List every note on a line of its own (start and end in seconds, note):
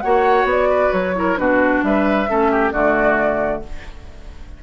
0.00 0.44 A#3
0.00 1.14 F#4
0.00 0.69 C#5
0.00 0.45 F#5
0.44 0.89 B3
0.51 0.92 D5
0.69 1.14 B4
0.92 1.37 F#3
0.92 1.37 C#5
1.14 1.36 E4
1.14 1.39 A#4
1.36 1.82 B2
1.36 2.27 D4
1.36 1.84 F#4
1.36 1.82 B4
1.82 2.28 G3
1.82 2.29 B4
1.82 2.71 E5
2.28 2.72 A3
2.28 2.73 C#4
2.28 2.51 A4
2.51 2.72 G4
2.71 3.62 D3
2.71 3.63 A3
2.71 3.62 F#4
2.71 3.62 D5